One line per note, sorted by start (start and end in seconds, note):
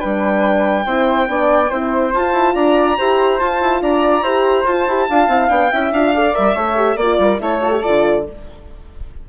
0.00 0.86 G3
0.00 0.85 D4
0.00 0.85 B4
0.00 2.11 G5
0.86 1.29 C4
0.86 1.28 E4
0.86 1.28 C5
1.28 1.71 B3
1.28 1.70 D4
1.28 1.70 D5
1.70 2.14 C4
1.70 2.14 E4
1.70 2.55 C5
2.14 2.33 F4
2.14 2.98 F4
2.14 2.55 A5
2.33 2.54 E4
2.55 2.97 D4
2.55 2.97 D5
2.55 3.40 A#5
2.98 3.41 E4
2.98 3.40 G4
2.98 3.82 C5
3.40 4.24 F4
3.40 3.61 F4
3.40 3.82 A5
3.61 3.82 E4
3.82 4.22 D4
3.82 4.23 D5
3.82 4.67 A#5
4.22 4.64 E4
4.22 4.67 G4
4.22 5.08 C5
4.64 4.86 F4
4.64 4.89 F4
4.64 5.50 A5
4.88 5.09 E4
4.88 5.10 G4
5.10 5.28 D4
5.10 5.29 F4
5.10 5.72 F5
5.28 5.49 C4
5.28 5.49 E4
5.49 5.71 B3
5.49 5.71 D4
5.49 5.92 G5
5.72 5.92 C#4
5.72 5.94 E4
5.72 6.15 E5
5.92 6.34 D4
5.92 6.15 F4
5.92 6.35 F5
6.15 6.34 A4
6.15 6.55 D5
6.34 6.56 G3
6.34 6.55 A#4
6.34 6.97 E5
6.55 6.97 A3
6.55 6.76 A4
6.55 6.97 C#5
6.76 6.98 G4
6.97 7.18 A#3
6.97 7.40 F4
6.97 7.39 D5
6.97 7.18 D5
7.19 7.40 G3
7.19 7.42 A#4
7.40 7.83 A3
7.40 7.61 E4
7.40 8.26 A4
7.40 7.82 C#5
7.62 7.71 F4
7.71 7.81 G4
7.82 8.29 D3
7.82 8.27 F4
7.82 8.25 D5